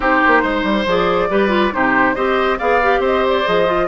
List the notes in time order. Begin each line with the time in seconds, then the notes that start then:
0.00 C4 D#4 G4 C5
0.26 A#3
0.42 G#3 C5
0.63 G3
0.85 F3 G#4 D5
1.29 G3 G4 B4
1.49 F4
1.71 C3 D#4 G4 C5
2.15 C4 G4 C5 D#5
2.58 B3 G#4 D5 F5
2.82 G4
2.99 C4 C5
3.05 D#5
3.28 D5
3.45 F3 G#4 D#5
3.66 F4